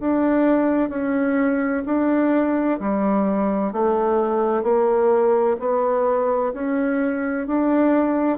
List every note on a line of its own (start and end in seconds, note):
0.00 0.89 D4
0.89 1.83 C#4
1.86 2.80 D4
2.80 3.73 G3
3.73 4.63 A3
4.63 5.57 A#3
5.60 6.53 B3
6.54 7.47 C#4
7.47 8.38 D4